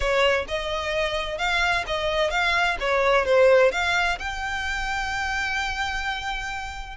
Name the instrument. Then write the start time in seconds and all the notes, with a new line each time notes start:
violin
0.00 C#5
0.48 D#5
1.37 F5
1.86 D#5
2.30 F5
2.80 C#5
3.25 C5
3.71 F5
4.19 G5